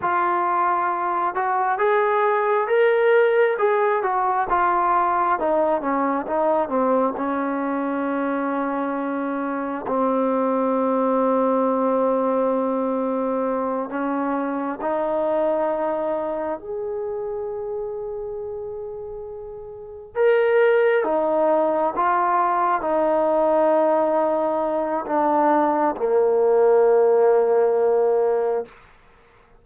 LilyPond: \new Staff \with { instrumentName = "trombone" } { \time 4/4 \tempo 4 = 67 f'4. fis'8 gis'4 ais'4 | gis'8 fis'8 f'4 dis'8 cis'8 dis'8 c'8 | cis'2. c'4~ | c'2.~ c'8 cis'8~ |
cis'8 dis'2 gis'4.~ | gis'2~ gis'8 ais'4 dis'8~ | dis'8 f'4 dis'2~ dis'8 | d'4 ais2. | }